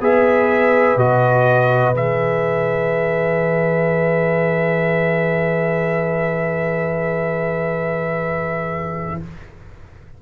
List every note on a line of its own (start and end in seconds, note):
0.00 0.96 B3
0.00 0.98 G#4
0.00 9.19 B4
0.00 0.99 E5
0.96 1.93 B2
0.96 1.95 F#4
0.96 1.95 D#5
1.93 9.19 E3
1.93 9.20 G#4
1.93 9.22 E5